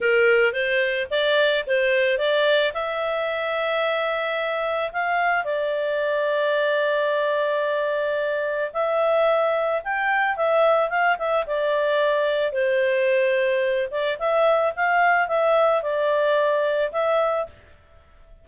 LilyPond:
\new Staff \with { instrumentName = "clarinet" } { \time 4/4 \tempo 4 = 110 ais'4 c''4 d''4 c''4 | d''4 e''2.~ | e''4 f''4 d''2~ | d''1 |
e''2 g''4 e''4 | f''8 e''8 d''2 c''4~ | c''4. d''8 e''4 f''4 | e''4 d''2 e''4 | }